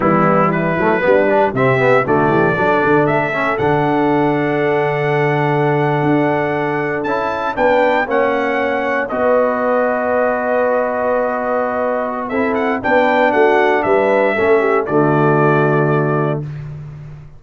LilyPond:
<<
  \new Staff \with { instrumentName = "trumpet" } { \time 4/4 \tempo 4 = 117 e'4 b'2 e''4 | d''2 e''4 fis''4~ | fis''1~ | fis''4.~ fis''16 a''4 g''4 fis''16~ |
fis''4.~ fis''16 dis''2~ dis''16~ | dis''1 | e''8 fis''8 g''4 fis''4 e''4~ | e''4 d''2. | }
  \new Staff \with { instrumentName = "horn" } { \time 4/4 b4 e'4 d'4 g'4 | fis'8 g'8 a'2.~ | a'1~ | a'2~ a'8. b'4 cis''16~ |
cis''4.~ cis''16 b'2~ b'16~ | b'1 | a'4 b'4 fis'4 b'4 | a'8 g'8 fis'2. | }
  \new Staff \with { instrumentName = "trombone" } { \time 4/4 g4. a8 b8 d'8 c'8 b8 | a4 d'4. cis'8 d'4~ | d'1~ | d'4.~ d'16 e'4 d'4 cis'16~ |
cis'4.~ cis'16 fis'2~ fis'16~ | fis'1 | e'4 d'2. | cis'4 a2. | }
  \new Staff \with { instrumentName = "tuba" } { \time 4/4 e4. fis8 g4 c4 | d8 e8 fis8 d8 a4 d4~ | d2.~ d8. d'16~ | d'4.~ d'16 cis'4 b4 ais16~ |
ais4.~ ais16 b2~ b16~ | b1 | c'4 b4 a4 g4 | a4 d2. | }
>>